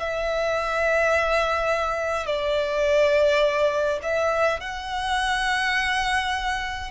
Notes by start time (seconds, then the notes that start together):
0.00 E5
2.27 D5
4.03 E5
4.60 F#5